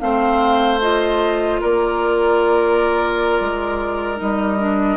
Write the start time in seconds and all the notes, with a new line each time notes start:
0.00 A3 C4 C5 F5
0.81 F4 D#5
1.61 A#3 A#4 D5
3.40 G#3
4.17 G3 D#4 D#5
4.59 D4